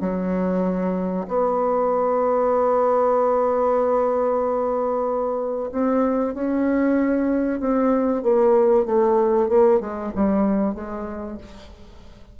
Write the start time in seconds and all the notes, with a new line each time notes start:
0.00 F#3
1.28 B3
5.72 C4
6.34 C#4
7.60 C4
8.23 A#3
8.86 A3
9.49 A#3
9.80 G#3
10.15 G3
10.75 G#3